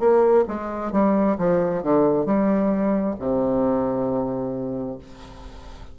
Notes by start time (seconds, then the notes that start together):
0.00 A#3
0.49 G#3
0.93 G3
1.38 F3
1.83 D3
2.26 G3
3.20 C3